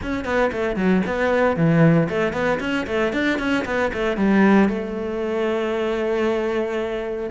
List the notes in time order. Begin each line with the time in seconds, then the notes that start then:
0.02 C#4
0.24 B3
0.52 A3
0.76 F#3
1.06 B3
1.56 E3
2.09 A3
2.32 B3
2.60 C#4
2.86 A3
3.12 D4
3.38 C#4
3.65 B3
3.93 A3
4.16 G3
4.69 A3